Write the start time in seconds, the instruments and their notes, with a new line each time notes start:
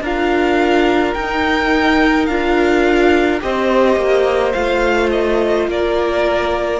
0.00 cello D4, viola F4, violin A#4 F5
1.13 cello D#4, viola D#4, violin G5
2.26 cello D4, viola F4, violin F5
3.40 cello C4, viola G4, violin C5 D#5
3.96 cello A#3
4.52 cello A3, viola F4, violin F5
5.10 violin D#5
5.67 cello A#3, violin A#4 D5